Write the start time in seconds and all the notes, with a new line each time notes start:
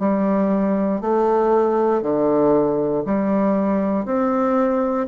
0.00 G3
1.02 A3
2.03 D3
3.06 G3
4.06 C4